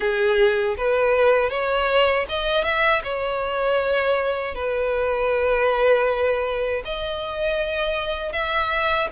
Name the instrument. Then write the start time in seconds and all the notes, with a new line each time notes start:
violin
0.00 G#4
0.77 B4
1.50 C#5
2.29 D#5
2.64 E5
3.03 C#5
4.55 B4
6.85 D#5
8.32 E5